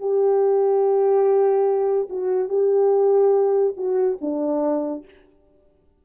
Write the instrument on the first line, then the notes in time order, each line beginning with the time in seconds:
horn
0.00 G4
2.09 F#4
2.48 G4
3.77 F#4
4.21 D4